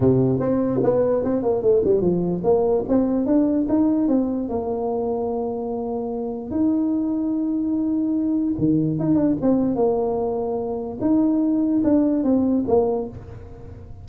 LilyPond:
\new Staff \with { instrumentName = "tuba" } { \time 4/4 \tempo 4 = 147 c4 c'4 b4 c'8 ais8 | a8 g8 f4 ais4 c'4 | d'4 dis'4 c'4 ais4~ | ais1 |
dis'1~ | dis'4 dis4 dis'8 d'8 c'4 | ais2. dis'4~ | dis'4 d'4 c'4 ais4 | }